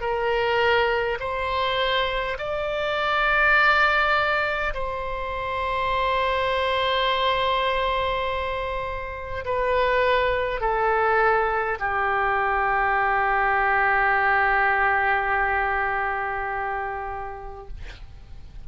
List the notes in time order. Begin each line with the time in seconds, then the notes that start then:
0.00 A#4
1.20 C5
2.38 D5
4.74 C5
9.45 B4
10.60 A4
11.79 G4